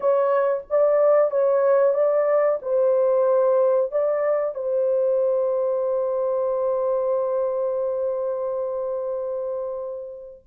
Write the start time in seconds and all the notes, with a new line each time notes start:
0.00 C#5
0.69 D5
1.30 C#5
1.94 D5
2.62 C5
3.91 D5
4.54 C5